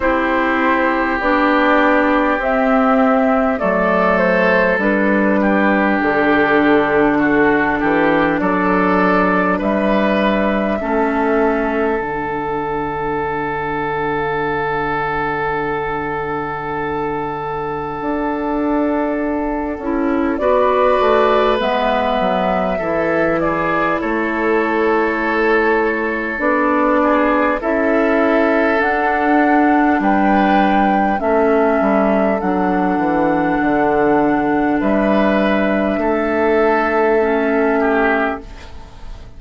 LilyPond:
<<
  \new Staff \with { instrumentName = "flute" } { \time 4/4 \tempo 4 = 50 c''4 d''4 e''4 d''8 c''8 | b'4 a'2 d''4 | e''2 fis''2~ | fis''1~ |
fis''4 d''4 e''4. d''8 | cis''2 d''4 e''4 | fis''4 g''4 e''4 fis''4~ | fis''4 e''2. | }
  \new Staff \with { instrumentName = "oboe" } { \time 4/4 g'2. a'4~ | a'8 g'4. fis'8 g'8 a'4 | b'4 a'2.~ | a'1~ |
a'4 b'2 a'8 gis'8 | a'2~ a'8 gis'8 a'4~ | a'4 b'4 a'2~ | a'4 b'4 a'4. g'8 | }
  \new Staff \with { instrumentName = "clarinet" } { \time 4/4 e'4 d'4 c'4 a4 | d'1~ | d'4 cis'4 d'2~ | d'1~ |
d'8 e'8 fis'4 b4 e'4~ | e'2 d'4 e'4 | d'2 cis'4 d'4~ | d'2. cis'4 | }
  \new Staff \with { instrumentName = "bassoon" } { \time 4/4 c'4 b4 c'4 fis4 | g4 d4. e8 fis4 | g4 a4 d2~ | d2. d'4~ |
d'8 cis'8 b8 a8 gis8 fis8 e4 | a2 b4 cis'4 | d'4 g4 a8 g8 fis8 e8 | d4 g4 a2 | }
>>